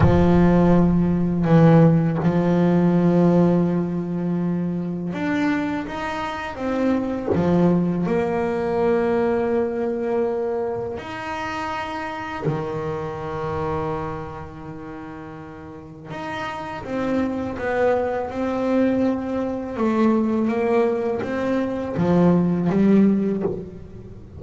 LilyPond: \new Staff \with { instrumentName = "double bass" } { \time 4/4 \tempo 4 = 82 f2 e4 f4~ | f2. d'4 | dis'4 c'4 f4 ais4~ | ais2. dis'4~ |
dis'4 dis2.~ | dis2 dis'4 c'4 | b4 c'2 a4 | ais4 c'4 f4 g4 | }